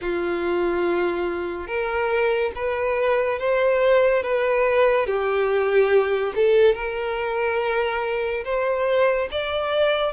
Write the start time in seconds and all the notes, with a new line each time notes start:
0.01 F4
1.67 A#4
2.55 B4
3.39 C5
4.23 B4
5.06 G4
6.35 A4
6.75 A#4
8.44 C5
9.31 D5